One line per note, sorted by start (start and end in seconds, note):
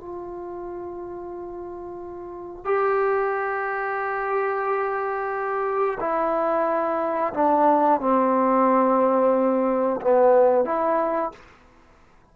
0.00 2.65 F4
2.65 5.98 G4
6.00 7.33 E4
7.34 8.01 D4
8.01 10.01 C4
10.02 10.65 B3
10.65 11.32 E4